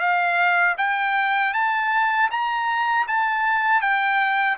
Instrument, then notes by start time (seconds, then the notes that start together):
trumpet
0.00 F5
0.78 G5
1.54 A5
2.31 A#5
3.08 A5
3.81 G5